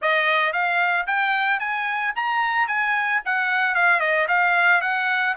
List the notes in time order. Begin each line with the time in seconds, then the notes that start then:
0.01 D#5
0.52 F5
1.07 G5
1.59 G#5
2.15 A#5
2.67 G#5
3.25 F#5
3.74 F5
4.00 D#5
4.28 F5
4.81 F#5